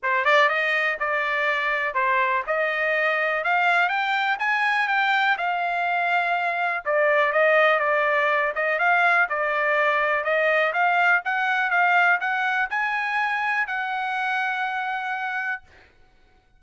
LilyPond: \new Staff \with { instrumentName = "trumpet" } { \time 4/4 \tempo 4 = 123 c''8 d''8 dis''4 d''2 | c''4 dis''2 f''4 | g''4 gis''4 g''4 f''4~ | f''2 d''4 dis''4 |
d''4. dis''8 f''4 d''4~ | d''4 dis''4 f''4 fis''4 | f''4 fis''4 gis''2 | fis''1 | }